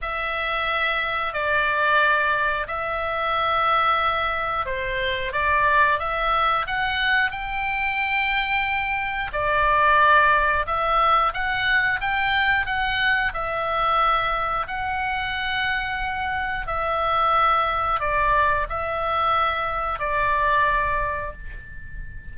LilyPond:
\new Staff \with { instrumentName = "oboe" } { \time 4/4 \tempo 4 = 90 e''2 d''2 | e''2. c''4 | d''4 e''4 fis''4 g''4~ | g''2 d''2 |
e''4 fis''4 g''4 fis''4 | e''2 fis''2~ | fis''4 e''2 d''4 | e''2 d''2 | }